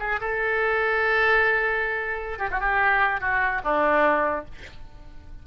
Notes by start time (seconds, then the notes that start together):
0.00 G#4
0.21 A4
2.39 G4
2.51 F#4
2.61 G4
3.21 F#4
3.64 D4